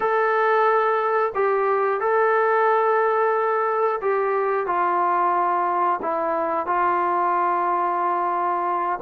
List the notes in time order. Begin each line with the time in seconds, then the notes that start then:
0.00 A4
1.35 G4
2.00 A4
4.01 G4
4.66 F4
6.02 E4
6.66 F4